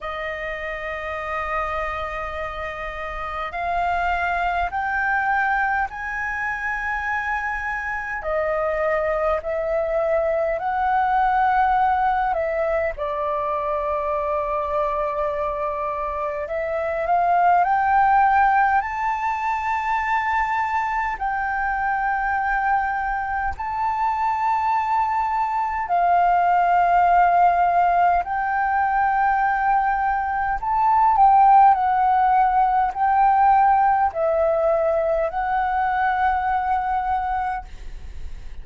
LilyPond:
\new Staff \with { instrumentName = "flute" } { \time 4/4 \tempo 4 = 51 dis''2. f''4 | g''4 gis''2 dis''4 | e''4 fis''4. e''8 d''4~ | d''2 e''8 f''8 g''4 |
a''2 g''2 | a''2 f''2 | g''2 a''8 g''8 fis''4 | g''4 e''4 fis''2 | }